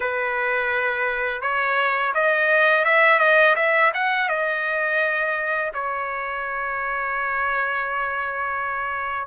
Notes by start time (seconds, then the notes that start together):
0.00 B4
1.41 C#5
2.14 D#5
2.84 E5
3.19 D#5
3.55 E5
3.94 F#5
4.28 D#5
5.74 C#5